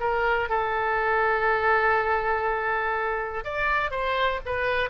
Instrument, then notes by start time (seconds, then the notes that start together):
oboe
0.00 A#4
0.50 A4
3.44 D5
3.91 C5
4.46 B4